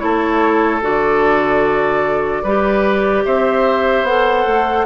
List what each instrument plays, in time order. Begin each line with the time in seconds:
0.00 bassoon A3, clarinet E4, oboe A4, flute C#5
0.82 bassoon D3, clarinet F#4, flute D5
2.43 bassoon G3, clarinet G4, oboe B4
3.26 bassoon C4, oboe C5, flute E5
4.03 bassoon B3, clarinet A4, flute F#5
4.47 bassoon A3